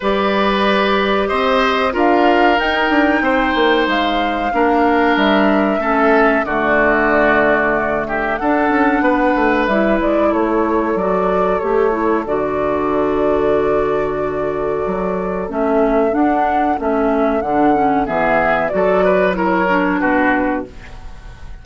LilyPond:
<<
  \new Staff \with { instrumentName = "flute" } { \time 4/4 \tempo 4 = 93 d''2 dis''4 f''4 | g''2 f''2 | e''2 d''2~ | d''8 e''8 fis''2 e''8 d''8 |
cis''4 d''4 cis''4 d''4~ | d''1 | e''4 fis''4 e''4 fis''4 | e''4 d''4 cis''4 b'4 | }
  \new Staff \with { instrumentName = "oboe" } { \time 4/4 b'2 c''4 ais'4~ | ais'4 c''2 ais'4~ | ais'4 a'4 fis'2~ | fis'8 g'8 a'4 b'2 |
a'1~ | a'1~ | a'1 | gis'4 a'8 b'8 ais'4 fis'4 | }
  \new Staff \with { instrumentName = "clarinet" } { \time 4/4 g'2. f'4 | dis'2. d'4~ | d'4 cis'4 a2~ | a4 d'2 e'4~ |
e'4 fis'4 g'8 e'8 fis'4~ | fis'1 | cis'4 d'4 cis'4 d'8 cis'8 | b4 fis'4 e'8 d'4. | }
  \new Staff \with { instrumentName = "bassoon" } { \time 4/4 g2 c'4 d'4 | dis'8 d'8 c'8 ais8 gis4 ais4 | g4 a4 d2~ | d4 d'8 cis'8 b8 a8 g8 gis8 |
a4 fis4 a4 d4~ | d2. fis4 | a4 d'4 a4 d4 | e4 fis2 b,4 | }
>>